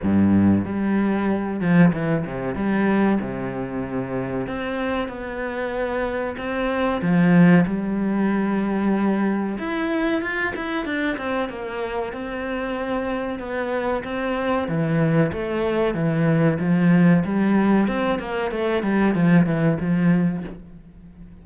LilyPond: \new Staff \with { instrumentName = "cello" } { \time 4/4 \tempo 4 = 94 g,4 g4. f8 e8 c8 | g4 c2 c'4 | b2 c'4 f4 | g2. e'4 |
f'8 e'8 d'8 c'8 ais4 c'4~ | c'4 b4 c'4 e4 | a4 e4 f4 g4 | c'8 ais8 a8 g8 f8 e8 f4 | }